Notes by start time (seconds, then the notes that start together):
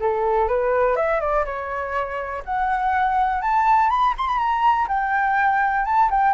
0.00 A4
0.48 B4
0.96 E5
1.20 D5
1.45 C#5
2.45 F#5
3.41 A5
3.90 B5
4.18 C6
4.27 B5
4.38 A#5
4.88 G5
5.85 A5
6.10 G5